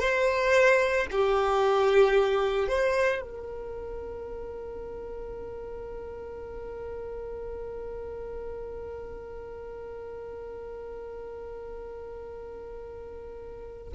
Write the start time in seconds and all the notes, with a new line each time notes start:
0.00 C5
1.12 G4
2.68 C5
3.22 A#4